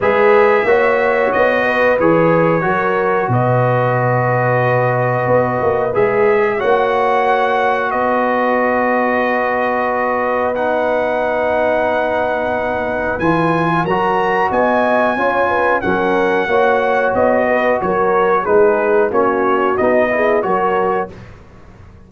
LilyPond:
<<
  \new Staff \with { instrumentName = "trumpet" } { \time 4/4 \tempo 4 = 91 e''2 dis''4 cis''4~ | cis''4 dis''2.~ | dis''4 e''4 fis''2 | dis''1 |
fis''1 | gis''4 ais''4 gis''2 | fis''2 dis''4 cis''4 | b'4 cis''4 dis''4 cis''4 | }
  \new Staff \with { instrumentName = "horn" } { \time 4/4 b'4 cis''4. b'4. | ais'4 b'2.~ | b'2 cis''2 | b'1~ |
b'1~ | b'4 ais'4 dis''4 cis''8 b'8 | ais'4 cis''4. b'8 ais'4 | gis'4 fis'4. gis'8 ais'4 | }
  \new Staff \with { instrumentName = "trombone" } { \time 4/4 gis'4 fis'2 gis'4 | fis'1~ | fis'4 gis'4 fis'2~ | fis'1 |
dis'1 | f'4 fis'2 f'4 | cis'4 fis'2. | dis'4 cis'4 dis'8 e'8 fis'4 | }
  \new Staff \with { instrumentName = "tuba" } { \time 4/4 gis4 ais4 b4 e4 | fis4 b,2. | b8 ais8 gis4 ais2 | b1~ |
b1 | e4 fis4 b4 cis'4 | fis4 ais4 b4 fis4 | gis4 ais4 b4 fis4 | }
>>